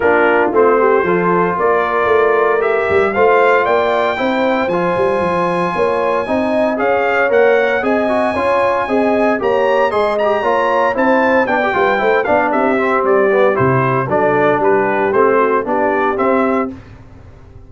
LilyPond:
<<
  \new Staff \with { instrumentName = "trumpet" } { \time 4/4 \tempo 4 = 115 ais'4 c''2 d''4~ | d''4 e''4 f''4 g''4~ | g''4 gis''2.~ | gis''4 f''4 fis''4 gis''4~ |
gis''2 ais''4 c'''8 ais''8~ | ais''4 a''4 g''4. f''8 | e''4 d''4 c''4 d''4 | b'4 c''4 d''4 e''4 | }
  \new Staff \with { instrumentName = "horn" } { \time 4/4 f'4. g'8 a'4 ais'4~ | ais'2 c''4 d''4 | c''2. cis''4 | dis''4 cis''2 dis''4 |
cis''4 dis''4 cis''4 dis''4 | cis''4 c''4 d''8 b'8 c''8 d''8 | g'2. a'4 | g'4. fis'8 g'2 | }
  \new Staff \with { instrumentName = "trombone" } { \time 4/4 d'4 c'4 f'2~ | f'4 g'4 f'2 | e'4 f'2. | dis'4 gis'4 ais'4 gis'8 fis'8 |
f'4 gis'4 g'4 gis'8 g'8 | f'4 e'4 d'16 g'16 f'8 e'8 d'8~ | d'8 c'4 b8 e'4 d'4~ | d'4 c'4 d'4 c'4 | }
  \new Staff \with { instrumentName = "tuba" } { \time 4/4 ais4 a4 f4 ais4 | a4. g8 a4 ais4 | c'4 f8 g8 f4 ais4 | c'4 cis'4 ais4 c'4 |
cis'4 c'4 ais4 gis4 | ais4 c'4 b8 g8 a8 b8 | c'4 g4 c4 fis4 | g4 a4 b4 c'4 | }
>>